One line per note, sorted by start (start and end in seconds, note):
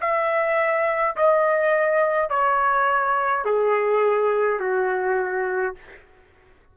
0.00 1.15 E5
1.16 2.29 D#5
2.29 3.45 C#5
3.45 4.59 G#4
4.59 5.75 F#4